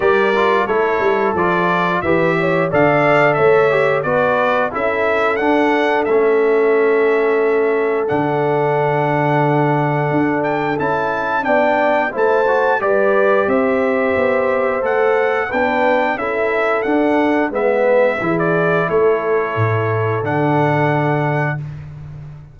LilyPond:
<<
  \new Staff \with { instrumentName = "trumpet" } { \time 4/4 \tempo 4 = 89 d''4 cis''4 d''4 e''4 | f''4 e''4 d''4 e''4 | fis''4 e''2. | fis''2.~ fis''8 g''8 |
a''4 g''4 a''4 d''4 | e''2 fis''4 g''4 | e''4 fis''4 e''4~ e''16 d''8. | cis''2 fis''2 | }
  \new Staff \with { instrumentName = "horn" } { \time 4/4 ais'4 a'2 b'8 cis''8 | d''4 cis''4 b'4 a'4~ | a'1~ | a'1~ |
a'4 d''4 c''4 b'4 | c''2. b'4 | a'2 b'4 gis'4 | a'1 | }
  \new Staff \with { instrumentName = "trombone" } { \time 4/4 g'8 f'8 e'4 f'4 g'4 | a'4. g'8 fis'4 e'4 | d'4 cis'2. | d'1 |
e'4 d'4 e'8 fis'8 g'4~ | g'2 a'4 d'4 | e'4 d'4 b4 e'4~ | e'2 d'2 | }
  \new Staff \with { instrumentName = "tuba" } { \time 4/4 g4 a8 g8 f4 e4 | d4 a4 b4 cis'4 | d'4 a2. | d2. d'4 |
cis'4 b4 a4 g4 | c'4 b4 a4 b4 | cis'4 d'4 gis4 e4 | a4 a,4 d2 | }
>>